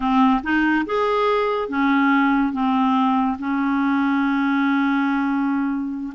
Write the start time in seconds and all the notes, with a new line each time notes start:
0.00 C4
0.43 D#4
0.85 G#4
1.68 C#4
2.52 C4
3.38 C#4